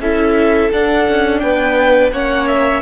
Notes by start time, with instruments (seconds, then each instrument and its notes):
0.00 cello C#4, viola E4, violin A4 E5
0.72 viola D4, cello D4, violin F#5
1.09 cello C#4
1.40 cello B3, violin B4 G5
2.12 cello A#3, viola C#4, violin C#5 F#5
2.48 violin E5